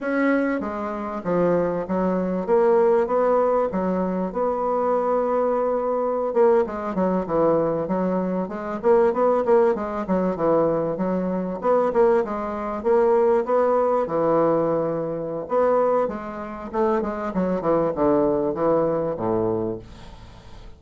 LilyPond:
\new Staff \with { instrumentName = "bassoon" } { \time 4/4 \tempo 4 = 97 cis'4 gis4 f4 fis4 | ais4 b4 fis4 b4~ | b2~ b16 ais8 gis8 fis8 e16~ | e8. fis4 gis8 ais8 b8 ais8 gis16~ |
gis16 fis8 e4 fis4 b8 ais8 gis16~ | gis8. ais4 b4 e4~ e16~ | e4 b4 gis4 a8 gis8 | fis8 e8 d4 e4 a,4 | }